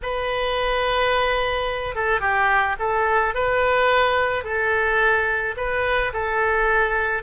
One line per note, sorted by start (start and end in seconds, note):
0.02 1.95 B4
1.95 2.20 A4
2.20 2.76 G4
2.79 3.34 A4
3.34 4.44 B4
4.44 5.55 A4
5.56 6.12 B4
6.13 7.22 A4